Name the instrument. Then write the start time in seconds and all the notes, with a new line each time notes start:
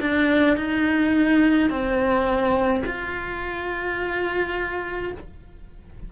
cello
0.00 D4
0.57 D#4
1.70 C4
2.86 F4